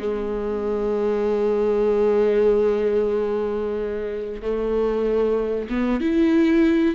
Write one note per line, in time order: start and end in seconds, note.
0.00 4.42 G#3
4.42 5.69 A3
5.70 6.01 B3
6.01 6.96 E4